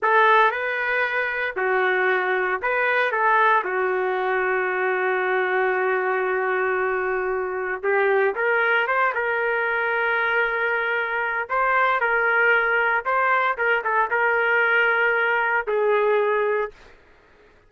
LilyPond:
\new Staff \with { instrumentName = "trumpet" } { \time 4/4 \tempo 4 = 115 a'4 b'2 fis'4~ | fis'4 b'4 a'4 fis'4~ | fis'1~ | fis'2. g'4 |
ais'4 c''8 ais'2~ ais'8~ | ais'2 c''4 ais'4~ | ais'4 c''4 ais'8 a'8 ais'4~ | ais'2 gis'2 | }